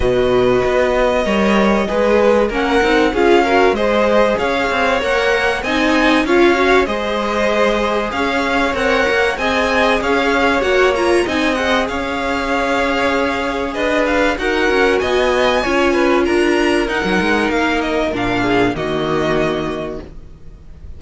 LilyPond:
<<
  \new Staff \with { instrumentName = "violin" } { \time 4/4 \tempo 4 = 96 dis''1 | fis''4 f''4 dis''4 f''4 | fis''4 gis''4 f''4 dis''4~ | dis''4 f''4 fis''4 gis''4 |
f''4 fis''8 ais''8 gis''8 fis''8 f''4~ | f''2 dis''8 f''8 fis''4 | gis''2 ais''4 fis''4 | f''8 dis''8 f''4 dis''2 | }
  \new Staff \with { instrumentName = "violin" } { \time 4/4 b'2 cis''4 b'4 | ais'4 gis'8 ais'8 c''4 cis''4~ | cis''4 dis''4 cis''4 c''4~ | c''4 cis''2 dis''4 |
cis''2 dis''4 cis''4~ | cis''2 b'4 ais'4 | dis''4 cis''8 b'8 ais'2~ | ais'4. gis'8 fis'2 | }
  \new Staff \with { instrumentName = "viola" } { \time 4/4 fis'2 ais'4 gis'4 | cis'8 dis'8 f'8 fis'8 gis'2 | ais'4 dis'4 f'8 fis'8 gis'4~ | gis'2 ais'4 gis'4~ |
gis'4 fis'8 f'8 dis'8 gis'4.~ | gis'2. fis'4~ | fis'4 f'2 dis'4~ | dis'4 d'4 ais2 | }
  \new Staff \with { instrumentName = "cello" } { \time 4/4 b,4 b4 g4 gis4 | ais8 c'8 cis'4 gis4 cis'8 c'8 | ais4 c'4 cis'4 gis4~ | gis4 cis'4 c'8 ais8 c'4 |
cis'4 ais4 c'4 cis'4~ | cis'2 d'4 dis'8 cis'8 | b4 cis'4 d'4 dis'16 fis16 gis8 | ais4 ais,4 dis2 | }
>>